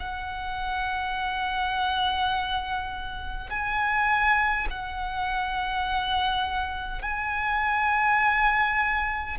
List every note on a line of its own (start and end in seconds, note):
0.00 3.50 F#5
3.50 4.67 G#5
4.70 7.02 F#5
7.02 9.37 G#5